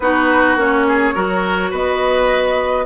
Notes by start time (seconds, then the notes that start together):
0.00 B3 D#4 F#4 B4
0.55 A#3 C#4 C#5
0.87 G#4
1.14 F#3 F#4 A#4
1.70 B3 B4 D#5